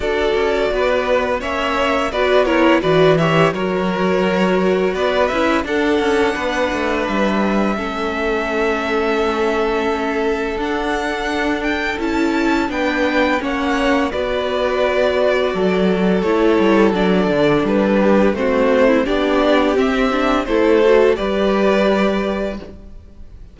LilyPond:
<<
  \new Staff \with { instrumentName = "violin" } { \time 4/4 \tempo 4 = 85 d''2 e''4 d''8 cis''8 | d''8 e''8 cis''2 d''8 e''8 | fis''2 e''2~ | e''2. fis''4~ |
fis''8 g''8 a''4 g''4 fis''4 | d''2. cis''4 | d''4 b'4 c''4 d''4 | e''4 c''4 d''2 | }
  \new Staff \with { instrumentName = "violin" } { \time 4/4 a'4 b'4 cis''4 b'8 ais'8 | b'8 cis''8 ais'2 b'4 | a'4 b'2 a'4~ | a'1~ |
a'2 b'4 cis''4 | b'2 a'2~ | a'4. g'8 fis'8. e'16 g'4~ | g'4 a'4 b'2 | }
  \new Staff \with { instrumentName = "viola" } { \time 4/4 fis'2 cis'4 fis'8 e'8 | fis'8 g'8 fis'2~ fis'8 e'8 | d'2. cis'4~ | cis'2. d'4~ |
d'4 e'4 d'4 cis'4 | fis'2. e'4 | d'2 c'4 d'4 | c'8 d'8 e'8 fis'8 g'2 | }
  \new Staff \with { instrumentName = "cello" } { \time 4/4 d'8 cis'8 b4 ais4 b4 | e4 fis2 b8 cis'8 | d'8 cis'8 b8 a8 g4 a4~ | a2. d'4~ |
d'4 cis'4 b4 ais4 | b2 fis4 a8 g8 | fis8 d8 g4 a4 b4 | c'4 a4 g2 | }
>>